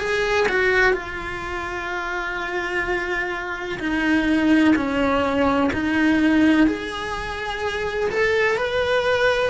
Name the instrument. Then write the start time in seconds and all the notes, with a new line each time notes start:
cello
0.00 G#4
0.49 F#4
0.94 F4
3.80 D#4
4.76 C#4
5.73 D#4
6.68 G#4
8.11 A4
8.58 B4